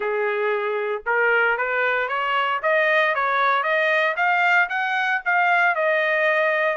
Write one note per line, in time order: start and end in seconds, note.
0.00 1.02 G#4
1.06 1.57 A#4
1.57 2.08 B4
2.08 2.60 C#5
2.62 3.14 D#5
3.14 3.63 C#5
3.63 4.15 D#5
4.16 4.68 F5
4.69 5.21 F#5
5.25 5.75 F5
5.75 6.77 D#5